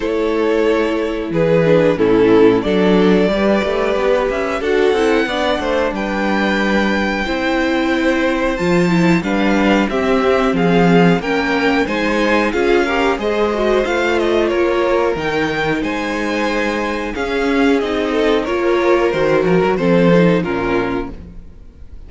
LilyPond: <<
  \new Staff \with { instrumentName = "violin" } { \time 4/4 \tempo 4 = 91 cis''2 b'4 a'4 | d''2~ d''8 e''8 fis''4~ | fis''4 g''2.~ | g''4 a''4 f''4 e''4 |
f''4 g''4 gis''4 f''4 | dis''4 f''8 dis''8 cis''4 g''4 | gis''2 f''4 dis''4 | cis''4 c''8 ais'8 c''4 ais'4 | }
  \new Staff \with { instrumentName = "violin" } { \time 4/4 a'2 gis'4 e'4 | a'4 b'2 a'4 | d''8 c''8 b'2 c''4~ | c''2 b'4 g'4 |
gis'4 ais'4 c''4 gis'8 ais'8 | c''2 ais'2 | c''2 gis'4. a'8 | ais'2 a'4 f'4 | }
  \new Staff \with { instrumentName = "viola" } { \time 4/4 e'2~ e'8 d'8 cis'4 | d'4 g'2 fis'8 e'8 | d'2. e'4~ | e'4 f'8 e'8 d'4 c'4~ |
c'4 cis'4 dis'4 f'8 g'8 | gis'8 fis'8 f'2 dis'4~ | dis'2 cis'4 dis'4 | f'4 fis'4 c'8 dis'8 cis'4 | }
  \new Staff \with { instrumentName = "cello" } { \time 4/4 a2 e4 a,4 | fis4 g8 a8 b8 cis'8 d'8 c'8 | b8 a8 g2 c'4~ | c'4 f4 g4 c'4 |
f4 ais4 gis4 cis'4 | gis4 a4 ais4 dis4 | gis2 cis'4 c'4 | ais4 dis8 f16 fis16 f4 ais,4 | }
>>